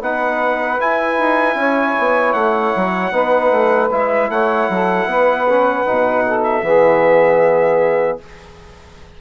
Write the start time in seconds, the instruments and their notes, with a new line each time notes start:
0.00 bassoon B3, trombone D#4, saxophone B4, trumpet F#5
0.78 trombone E4, bassoon E4, trumpet G#5
1.19 bassoon D#4
1.55 bassoon C#4, saxophone C#5
1.98 bassoon B3
2.33 bassoon A3, trumpet F#5
2.76 bassoon F#3
3.11 bassoon B3, trombone D#4, saxophone B4
3.51 bassoon A3
3.91 bassoon G#3, trombone E4, trumpet E5
4.29 bassoon A3, saxophone C#5, trumpet F#5
4.69 bassoon F#3, saxophone A4
5.06 bassoon B3, saxophone B4
5.49 trombone C#4
5.85 bassoon B2, trombone D#4
6.25 saxophone A4
6.43 trumpet E5
6.62 bassoon E3, trombone B3, saxophone G#4